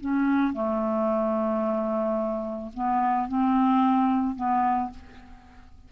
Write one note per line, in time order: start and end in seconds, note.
0.00 0.53 C#4
0.53 2.71 A3
2.74 3.28 B3
3.28 4.35 C4
4.35 4.90 B3